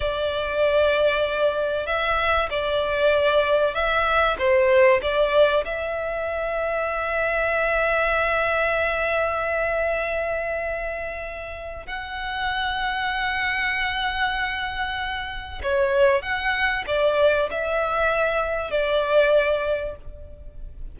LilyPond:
\new Staff \with { instrumentName = "violin" } { \time 4/4 \tempo 4 = 96 d''2. e''4 | d''2 e''4 c''4 | d''4 e''2.~ | e''1~ |
e''2. fis''4~ | fis''1~ | fis''4 cis''4 fis''4 d''4 | e''2 d''2 | }